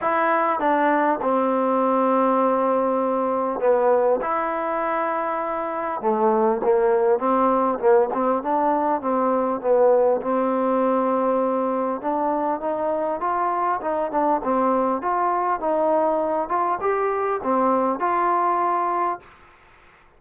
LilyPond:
\new Staff \with { instrumentName = "trombone" } { \time 4/4 \tempo 4 = 100 e'4 d'4 c'2~ | c'2 b4 e'4~ | e'2 a4 ais4 | c'4 ais8 c'8 d'4 c'4 |
b4 c'2. | d'4 dis'4 f'4 dis'8 d'8 | c'4 f'4 dis'4. f'8 | g'4 c'4 f'2 | }